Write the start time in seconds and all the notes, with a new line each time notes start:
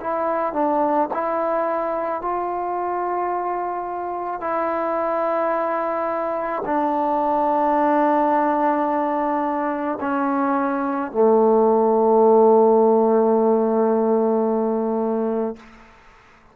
0.00 E4
0.53 D4
1.13 E4
2.21 F4
4.40 E4
6.65 D4
10.00 C#4
11.11 A3